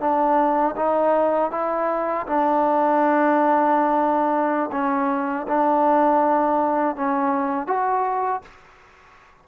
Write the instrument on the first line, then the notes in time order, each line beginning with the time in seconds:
trombone
0.00 D4
0.76 D#4
1.51 E4
2.27 D4
4.72 C#4
5.48 D4
6.96 C#4
7.67 F#4